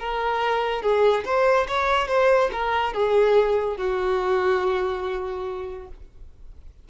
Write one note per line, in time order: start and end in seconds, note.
0.00 0.83 A#4
0.83 1.25 G#4
1.25 1.67 C5
1.68 2.09 C#5
2.09 2.51 C5
2.53 2.94 A#4
2.94 3.78 G#4
3.78 5.89 F#4